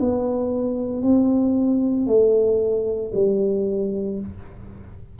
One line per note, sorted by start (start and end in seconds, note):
0.00 1.02 B3
1.02 2.07 C4
2.07 3.12 A3
3.15 4.20 G3